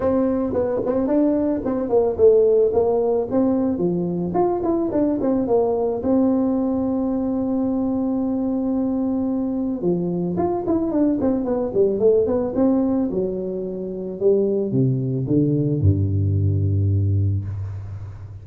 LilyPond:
\new Staff \with { instrumentName = "tuba" } { \time 4/4 \tempo 4 = 110 c'4 b8 c'8 d'4 c'8 ais8 | a4 ais4 c'4 f4 | f'8 e'8 d'8 c'8 ais4 c'4~ | c'1~ |
c'2 f4 f'8 e'8 | d'8 c'8 b8 g8 a8 b8 c'4 | fis2 g4 c4 | d4 g,2. | }